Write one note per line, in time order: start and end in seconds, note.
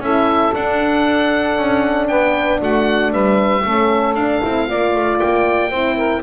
0.00 0.52 C#4
0.00 0.55 E4
0.00 2.10 A4
0.00 0.55 E5
0.55 3.65 D4
0.55 1.58 D4
0.55 2.08 F#5
1.58 2.09 C#4
2.08 2.61 B3
2.08 2.60 B4
2.08 2.60 G5
2.60 3.13 A3
2.60 3.12 F#4
2.60 3.13 F#5
3.12 3.65 G3
3.12 3.64 B4
3.12 4.15 E5
3.66 4.15 A3
3.66 4.17 C#4
3.66 4.69 A4
4.15 4.41 D4
4.15 4.42 D4
4.15 5.19 F5
4.42 4.70 C4
4.42 4.68 E4
4.68 4.95 A#3
4.68 5.72 F4
4.68 5.70 D5
4.95 5.21 A3
5.20 5.71 A#3
5.20 6.23 G5
5.70 6.23 C4
5.70 6.23 E4
5.70 5.96 C5
5.96 6.22 A#4